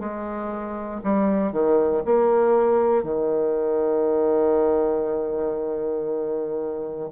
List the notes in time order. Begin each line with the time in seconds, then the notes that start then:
0.00 G#3
1.04 G3
1.53 D#3
2.05 A#3
3.04 D#3